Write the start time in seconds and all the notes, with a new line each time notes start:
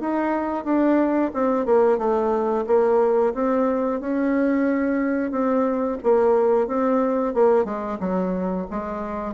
0.00 D#4
0.65 D4
1.34 C4
1.66 A#3
1.98 A3
2.67 A#3
3.34 C4
4.01 C#4
5.31 C4
6.03 A#3
6.68 C4
7.34 A#3
7.65 G#3
8.00 F#3
8.71 G#3